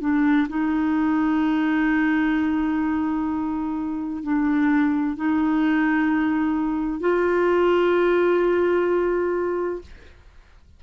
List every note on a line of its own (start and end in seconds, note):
0.00 0.47 D4
0.48 4.23 D#4
4.23 5.16 D4
5.16 7.00 D#4
7.00 9.81 F4